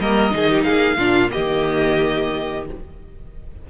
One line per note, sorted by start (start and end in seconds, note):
0.00 0.33 G3
0.00 0.31 A#3
0.00 0.34 A#4
0.00 0.64 D#5
0.31 0.67 D#3
0.31 0.98 D#4
0.31 0.51 G#4
0.51 0.65 G4
0.64 0.97 A#3
0.64 0.98 G#4
0.64 1.30 F5
0.97 1.31 A#2
0.97 1.30 D4
0.97 1.32 F4
1.30 2.63 A#3
1.30 2.66 G4
1.30 2.65 D#5
1.37 2.70 D#3